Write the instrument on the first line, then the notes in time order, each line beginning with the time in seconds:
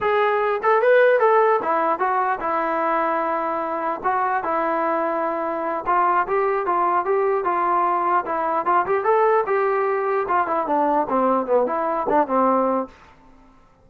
trombone
0.01 G#4
0.62 A4
0.81 B4
1.19 A4
1.62 E4
1.99 F#4
2.39 E4
4.03 F#4
4.43 E4
5.86 F4
6.27 G4
6.66 F4
7.05 G4
7.44 F4
8.25 E4
8.65 F4
8.86 G4
9.04 A4
9.46 G4
10.28 F4
10.47 E4
10.66 D4
11.09 C4
11.46 B3
11.66 E4
12.09 D4
12.27 C4